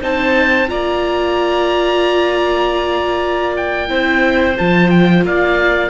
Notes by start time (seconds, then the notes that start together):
0.00 C4 D#4 C5 A5
0.68 A#3 F4 D5 A#5
3.56 G5
3.88 C4 E4 C5
4.58 F3 F4 A5
4.90 G5
5.23 A#3 D5 F5